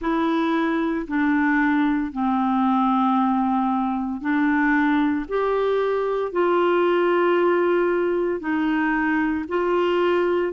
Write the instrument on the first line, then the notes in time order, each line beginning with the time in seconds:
clarinet
0.01 E4
1.07 D4
2.11 C4
4.21 D4
5.28 G4
6.32 F4
8.40 D#4
9.48 F4